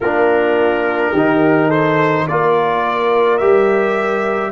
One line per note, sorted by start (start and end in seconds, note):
0.00 1.13 A#3
0.00 1.16 D4
0.00 1.11 F4
0.00 1.70 A#4
1.11 2.26 D#3
1.11 2.29 D#4
1.11 1.67 G4
1.67 2.24 A4
1.67 2.26 C5
2.27 3.41 A#3
2.27 3.40 F4
2.27 4.52 A#4
2.27 3.37 D5
3.37 4.52 G3
3.37 4.52 G4
3.37 4.50 E5